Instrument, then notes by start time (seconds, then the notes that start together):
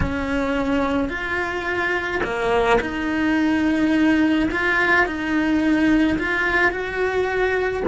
cello
0.00 C#4
1.09 F4
2.23 A#3
2.80 D#4
4.51 F4
5.06 D#4
6.18 F4
6.71 F#4